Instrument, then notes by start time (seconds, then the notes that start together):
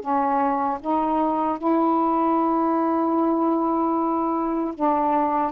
saxophone
0.00 C#4
0.80 D#4
1.58 E4
4.74 D4